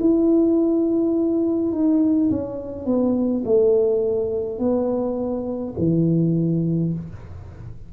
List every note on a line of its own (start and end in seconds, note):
0.00 1.72 E4
1.72 2.30 D#4
2.30 2.86 C#4
2.86 3.44 B3
3.45 4.59 A3
4.59 5.74 B3
5.78 6.93 E3